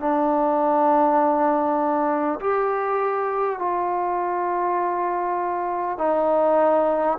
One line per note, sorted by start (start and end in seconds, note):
0.00 2.40 D4
2.41 3.59 G4
3.59 5.98 F4
5.98 7.18 D#4